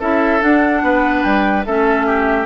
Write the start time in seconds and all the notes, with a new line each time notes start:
0.00 C#4 E4 A4 E5
0.41 D4 F#5
0.83 B3 B4
1.23 G3 G5
1.66 A3 C#4 A4 E5
2.06 G4